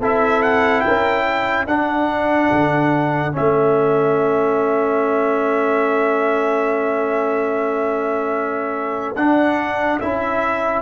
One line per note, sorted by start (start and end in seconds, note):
0.00 0.84 C4
0.00 1.68 E4
0.00 0.83 A4
0.00 0.43 E5
0.43 0.81 F#5
0.81 1.67 C#4
0.81 1.25 A#4
0.81 1.65 G5
1.25 10.82 A4
1.67 2.50 D4
1.67 3.32 D4
1.67 3.34 F#5
2.51 3.35 D3
3.32 9.16 C#4
3.32 9.16 E5
3.39 9.16 A3
9.16 9.99 D4
9.16 10.02 D4
9.16 10.00 F#5
10.00 10.82 C#4
10.00 10.82 E4
10.00 10.82 E5